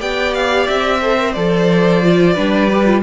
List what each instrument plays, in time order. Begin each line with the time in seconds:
0.00 cello B3, viola G4, violin D5 G5
0.34 violin F5
0.67 cello C4, violin E5
1.02 viola A4, violin C5
1.18 viola A#4
1.33 cello F3, viola A4, violin D5
2.04 viola F4
2.33 cello G3, viola D4, violin B4
2.72 viola G4
2.87 viola F4